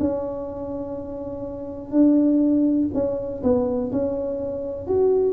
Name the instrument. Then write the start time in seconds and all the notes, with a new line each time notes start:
tuba
0.00 C#4
1.91 D4
2.94 C#4
3.43 B3
3.92 C#4
4.87 F#4